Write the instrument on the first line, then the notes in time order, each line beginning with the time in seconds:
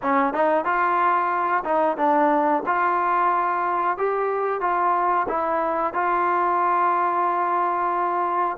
trombone
0.02 C#4
0.33 D#4
0.64 F4
1.64 D#4
1.97 D4
2.66 F4
3.97 G4
4.60 F4
5.28 E4
5.93 F4